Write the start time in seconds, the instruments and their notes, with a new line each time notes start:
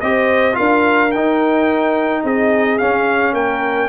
0.00 tuba C4, trombone G4, horn C5, trumpet D#5
0.53 trombone F4, horn A#4, trumpet F5
0.59 tuba D4
1.11 tuba D#4, trombone D#4, trumpet G5
2.23 tuba C4, horn G#4, trumpet D#5
2.78 trombone C#4, tuba C#4, trumpet F5
3.33 tuba A#3, horn A#4, trumpet G5